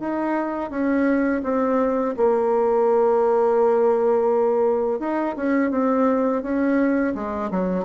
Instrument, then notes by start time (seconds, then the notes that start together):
bassoon
0.00 D#4
0.70 C#4
1.44 C4
2.17 A#3
4.99 D#4
5.37 C#4
5.71 C4
6.43 C#4
7.15 G#3
7.51 F#3